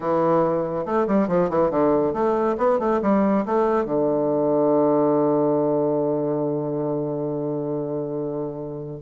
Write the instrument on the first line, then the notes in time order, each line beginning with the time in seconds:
bassoon
0.00 E3
0.85 A3
1.07 G3
1.28 F3
1.49 E3
1.70 D3
2.13 A3
2.57 B3
2.79 A3
3.02 G3
3.45 A3
3.85 D3